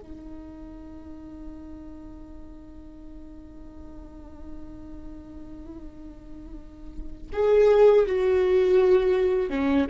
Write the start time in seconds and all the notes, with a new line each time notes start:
0.00 D#4
7.33 G#4
8.07 F#4
9.50 C#4